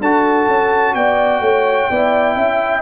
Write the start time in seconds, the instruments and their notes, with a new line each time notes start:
0.00 tuba D4, trombone F#4, horn A4, trumpet A5
0.47 tuba C#4
0.94 tuba B3, horn D5, trumpet G5
1.40 tuba A3, horn C#5
1.90 tuba B3, trombone E4, horn D5
2.35 tuba C#4, horn E5